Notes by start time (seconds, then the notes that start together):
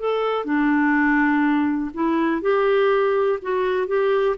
0.00 A4
0.45 D4
1.94 E4
2.42 G4
3.42 F#4
3.88 G4